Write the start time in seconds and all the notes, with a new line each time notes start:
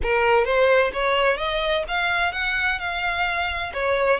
0.02 A#4
0.44 C5
0.93 C#5
1.37 D#5
1.88 F5
2.32 F#5
2.79 F5
3.73 C#5